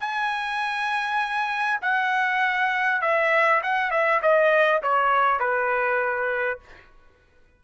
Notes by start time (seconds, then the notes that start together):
0.00 G#5
1.82 F#5
3.02 E5
3.63 F#5
3.91 E5
4.22 D#5
4.82 C#5
5.39 B4